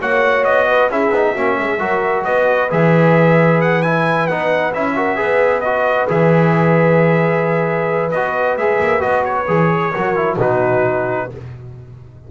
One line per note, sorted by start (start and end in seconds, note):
0.00 0.45 A#3
0.00 0.90 F#4
0.00 0.68 C#5
0.00 0.44 F#5
0.44 0.89 B3
0.44 0.89 D#5
0.68 0.90 B4
0.89 1.09 C#4
0.89 1.13 E4
0.89 1.33 G#4
0.89 2.24 E5
1.09 1.32 B3
1.09 1.36 D#4
1.33 1.58 A#3
1.33 1.79 C#4
1.33 1.56 F#4
1.58 1.80 G#3
1.58 1.79 G#4
1.79 2.25 F#3
1.79 2.69 F#4
1.79 2.24 A#4
2.24 2.72 B3
2.24 4.95 B4
2.24 2.69 D#5
2.70 4.29 E3
2.70 3.83 G#4
2.70 3.61 E5
3.61 3.82 F#5
3.82 4.29 E4
3.82 4.27 G#5
4.27 4.74 B3
4.27 4.73 D#4
4.27 4.72 F#5
4.73 5.18 C#4
4.73 4.95 E4
4.73 5.61 E5
4.95 5.16 F#4
4.95 5.17 A#4
5.16 6.08 B3
5.16 5.61 G#4
5.16 9.90 B4
5.61 6.08 F#4
5.61 6.06 D#5
6.08 8.12 E3
6.08 8.11 G#4
6.08 8.11 E5
8.11 8.57 B3
8.11 8.59 F#4
8.11 8.56 D#5
8.57 8.79 G#3
8.57 8.99 G#4
8.57 9.01 E5
8.80 9.03 A#3
8.99 9.48 B3
8.99 9.44 F#4
8.99 9.23 D#5
9.24 10.37 C#5
9.47 9.93 E3
9.47 9.92 G#4
9.93 10.36 F#3
9.93 10.15 F#4
9.93 10.37 A#4
10.15 10.38 E4
10.36 11.26 B2
10.36 11.29 D#4
10.36 11.27 F#4
10.36 11.31 B4